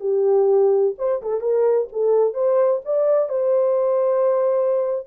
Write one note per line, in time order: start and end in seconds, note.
0.00 0.94 G4
0.98 1.22 C5
1.22 1.41 A4
1.41 1.88 A#4
1.92 2.34 A4
2.34 2.81 C5
2.85 3.29 D5
3.29 5.07 C5